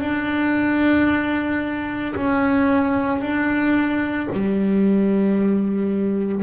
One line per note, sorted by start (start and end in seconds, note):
0.00 2.14 D4
2.16 3.21 C#4
3.21 4.29 D4
4.32 6.43 G3